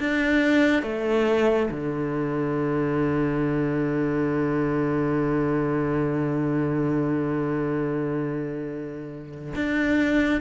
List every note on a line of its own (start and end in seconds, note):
0.00 0.83 D4
0.83 1.70 A3
1.71 9.54 D3
9.55 10.41 D4